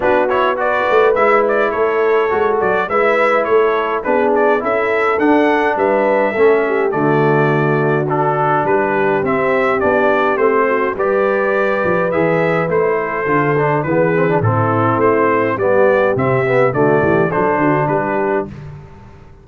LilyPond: <<
  \new Staff \with { instrumentName = "trumpet" } { \time 4/4 \tempo 4 = 104 b'8 cis''8 d''4 e''8 d''8 cis''4~ | cis''8 d''8 e''4 cis''4 b'8 d''8 | e''4 fis''4 e''2 | d''2 a'4 b'4 |
e''4 d''4 c''4 d''4~ | d''4 e''4 c''2 | b'4 a'4 c''4 d''4 | e''4 d''4 c''4 b'4 | }
  \new Staff \with { instrumentName = "horn" } { \time 4/4 fis'4 b'2 a'4~ | a'4 b'4 a'4 gis'4 | a'2 b'4 a'8 g'8 | fis'2. g'4~ |
g'2~ g'8 fis'8 b'4~ | b'2~ b'8 a'4. | gis'4 e'2 g'4~ | g'4 fis'8 g'8 a'8 fis'8 g'4 | }
  \new Staff \with { instrumentName = "trombone" } { \time 4/4 d'8 e'8 fis'4 e'2 | fis'4 e'2 d'4 | e'4 d'2 cis'4 | a2 d'2 |
c'4 d'4 c'4 g'4~ | g'4 gis'4 e'4 f'8 d'8 | b8 c'16 d'16 c'2 b4 | c'8 b8 a4 d'2 | }
  \new Staff \with { instrumentName = "tuba" } { \time 4/4 b4. a8 gis4 a4 | gis8 fis8 gis4 a4 b4 | cis'4 d'4 g4 a4 | d2. g4 |
c'4 b4 a4 g4~ | g8 f8 e4 a4 d4 | e4 a,4 a4 g4 | c4 d8 e8 fis8 d8 g4 | }
>>